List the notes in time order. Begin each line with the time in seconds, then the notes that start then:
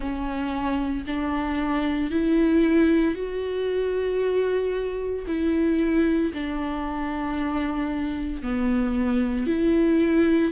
0.00 C#4
1.07 D4
2.11 E4
3.14 F#4
5.27 E4
6.33 D4
8.42 B3
9.46 E4